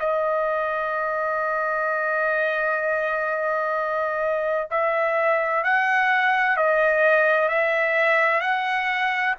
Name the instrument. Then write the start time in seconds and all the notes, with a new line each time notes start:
trumpet
0.00 D#5
4.70 E5
5.64 F#5
6.57 D#5
7.49 E5
8.41 F#5